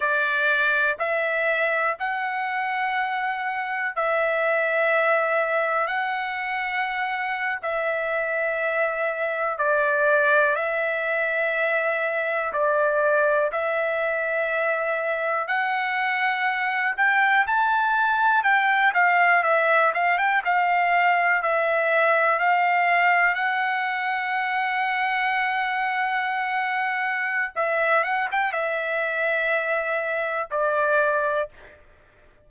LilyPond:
\new Staff \with { instrumentName = "trumpet" } { \time 4/4 \tempo 4 = 61 d''4 e''4 fis''2 | e''2 fis''4.~ fis''16 e''16~ | e''4.~ e''16 d''4 e''4~ e''16~ | e''8. d''4 e''2 fis''16~ |
fis''4~ fis''16 g''8 a''4 g''8 f''8 e''16~ | e''16 f''16 g''16 f''4 e''4 f''4 fis''16~ | fis''1 | e''8 fis''16 g''16 e''2 d''4 | }